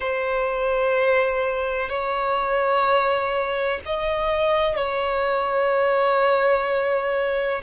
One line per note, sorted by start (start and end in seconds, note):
0.00 1.89 C5
1.89 3.79 C#5
3.85 4.76 D#5
4.76 7.61 C#5